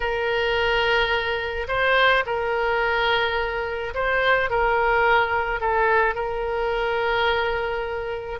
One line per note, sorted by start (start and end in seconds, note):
0.00 1.67 A#4
1.67 2.24 C5
2.26 3.94 A#4
3.94 4.50 C5
4.50 5.60 A#4
5.60 6.15 A4
6.15 8.39 A#4